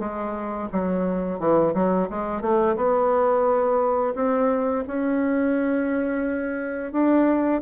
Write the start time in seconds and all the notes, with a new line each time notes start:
0.00 G#3
0.73 F#3
1.39 E3
1.75 F#3
2.10 G#3
2.42 A3
2.76 B3
4.15 C4
4.88 C#4
6.92 D4